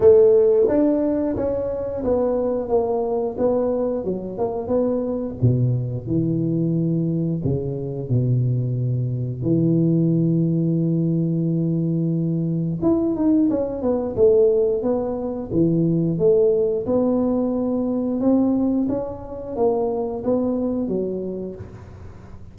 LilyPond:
\new Staff \with { instrumentName = "tuba" } { \time 4/4 \tempo 4 = 89 a4 d'4 cis'4 b4 | ais4 b4 fis8 ais8 b4 | b,4 e2 cis4 | b,2 e2~ |
e2. e'8 dis'8 | cis'8 b8 a4 b4 e4 | a4 b2 c'4 | cis'4 ais4 b4 fis4 | }